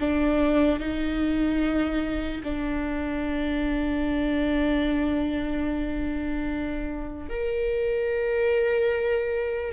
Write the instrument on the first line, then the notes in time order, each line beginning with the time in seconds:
viola
0.00 D4
0.79 D#4
2.43 D4
7.29 A#4